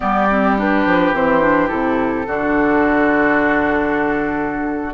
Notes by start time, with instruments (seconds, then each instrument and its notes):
0.00 bassoon G3, clarinet B3, oboe G4, flute D5
0.30 clarinet C4
0.58 clarinet D4, flute B4
0.85 bassoon F3
1.13 bassoon E3, clarinet C4, flute C5
1.41 clarinet D4
1.67 bassoon C3, clarinet E4, flute A4
2.26 bassoon D3, clarinet D4, oboe F#4